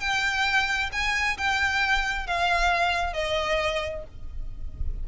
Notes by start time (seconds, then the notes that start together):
0.00 G5
0.92 G#5
1.38 G5
2.27 F5
3.14 D#5